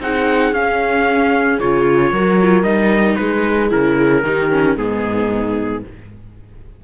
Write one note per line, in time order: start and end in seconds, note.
0.00 0.53 C4
0.00 0.55 D#4
0.00 2.12 G#4
0.00 0.54 F#5
0.53 1.59 C#4
0.53 1.61 C#4
0.53 1.60 F5
1.60 2.12 C#3
1.60 2.14 F4
1.60 2.64 C#5
2.12 2.63 F#3
2.12 2.41 F#4
2.12 3.18 A#4
2.42 2.64 F4
2.63 3.16 G3
2.63 3.70 D#4
2.63 3.16 D#5
3.16 3.72 G#3
3.16 4.25 G#4
3.16 3.69 B4
3.70 4.24 C#3
3.70 4.23 E4
3.70 4.78 A#4
4.24 4.77 D#3
4.24 4.51 D#4
4.24 4.78 G4
4.51 4.77 C#4
4.77 5.84 G#2
4.77 5.83 B3
4.77 5.84 D#4
4.77 5.84 G#4